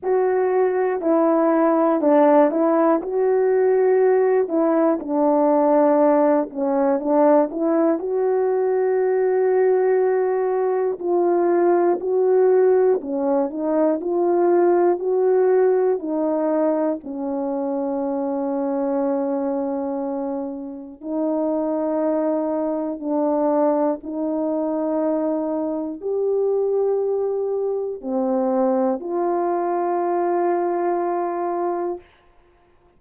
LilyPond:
\new Staff \with { instrumentName = "horn" } { \time 4/4 \tempo 4 = 60 fis'4 e'4 d'8 e'8 fis'4~ | fis'8 e'8 d'4. cis'8 d'8 e'8 | fis'2. f'4 | fis'4 cis'8 dis'8 f'4 fis'4 |
dis'4 cis'2.~ | cis'4 dis'2 d'4 | dis'2 g'2 | c'4 f'2. | }